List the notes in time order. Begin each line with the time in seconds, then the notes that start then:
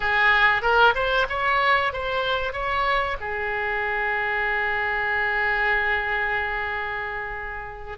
0.00 G#4
0.62 A#4
0.94 C5
1.29 C#5
1.92 C5
2.52 C#5
3.20 G#4